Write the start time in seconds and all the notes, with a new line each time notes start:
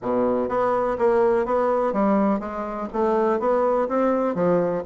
0.02 B2
0.48 B3
0.98 A#3
1.45 B3
1.92 G3
2.39 G#3
2.93 A3
3.39 B3
3.88 C4
4.34 F3